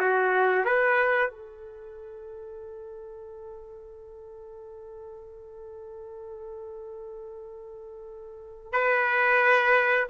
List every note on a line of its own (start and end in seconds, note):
0.00 0.65 F#4
0.65 1.31 B4
1.31 8.72 A4
8.72 10.07 B4